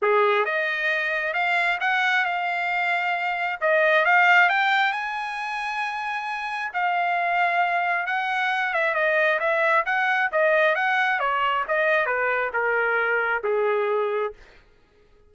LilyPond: \new Staff \with { instrumentName = "trumpet" } { \time 4/4 \tempo 4 = 134 gis'4 dis''2 f''4 | fis''4 f''2. | dis''4 f''4 g''4 gis''4~ | gis''2. f''4~ |
f''2 fis''4. e''8 | dis''4 e''4 fis''4 dis''4 | fis''4 cis''4 dis''4 b'4 | ais'2 gis'2 | }